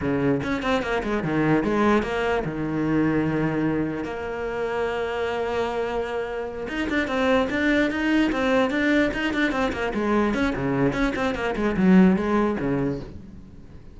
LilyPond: \new Staff \with { instrumentName = "cello" } { \time 4/4 \tempo 4 = 148 cis4 cis'8 c'8 ais8 gis8 dis4 | gis4 ais4 dis2~ | dis2 ais2~ | ais1~ |
ais8 dis'8 d'8 c'4 d'4 dis'8~ | dis'8 c'4 d'4 dis'8 d'8 c'8 | ais8 gis4 cis'8 cis4 cis'8 c'8 | ais8 gis8 fis4 gis4 cis4 | }